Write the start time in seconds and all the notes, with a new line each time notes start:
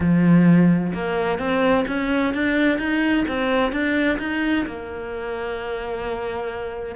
0.00 F3
0.93 A#3
1.38 C4
1.87 C#4
2.34 D4
2.78 D#4
3.28 C4
3.72 D4
4.19 D#4
4.66 A#3